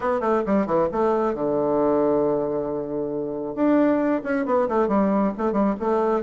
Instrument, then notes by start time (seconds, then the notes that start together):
bassoon
0.00 B3
0.20 A3
0.45 G3
0.66 E3
0.92 A3
1.34 D3
3.55 D4
4.23 C#4
4.45 B3
4.68 A3
4.88 G3
5.37 A3
5.52 G3
5.79 A3